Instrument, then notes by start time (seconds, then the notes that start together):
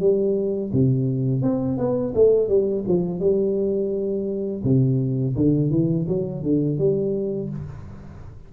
tuba
0.00 G3
0.73 C3
1.42 C4
1.78 B3
2.15 A3
2.48 G3
2.88 F3
3.20 G3
4.64 C3
5.36 D3
5.70 E3
6.08 F#3
6.43 D3
6.79 G3